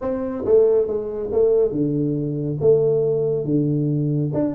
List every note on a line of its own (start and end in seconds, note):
0.01 0.44 C4
0.45 0.87 A3
0.87 1.30 G#3
1.32 1.71 A3
1.71 2.57 D3
2.61 3.45 A3
3.45 4.31 D3
4.33 4.54 D4